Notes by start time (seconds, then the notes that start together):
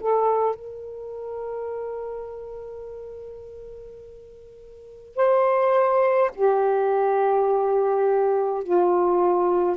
0.00 A4
0.56 A#4
5.16 C5
6.35 G4
8.63 F4